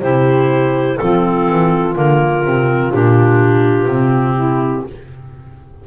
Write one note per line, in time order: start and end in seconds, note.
0.00 0.99 C3
0.00 1.00 E4
0.00 0.97 G4
0.00 0.98 C5
0.98 1.49 F3
0.98 1.94 C4
0.98 4.36 F4
0.98 1.94 A4
1.49 1.96 E3
1.94 2.44 D3
1.94 2.43 A#3
1.94 2.93 A#4
2.44 2.93 C3
2.44 2.92 C4
2.92 3.86 A#2
2.92 3.89 D4
2.92 4.87 G4
3.86 4.83 C3
3.86 4.87 C4
4.36 4.84 E4